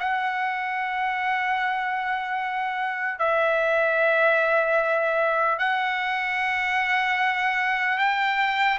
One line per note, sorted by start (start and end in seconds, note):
0.00 3.19 F#5
3.19 5.59 E5
5.59 7.99 F#5
7.99 8.79 G5